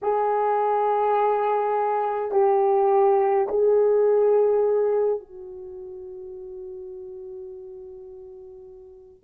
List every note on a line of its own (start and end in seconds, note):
0.02 2.31 G#4
2.31 3.47 G4
3.48 5.19 G#4
5.19 9.23 F#4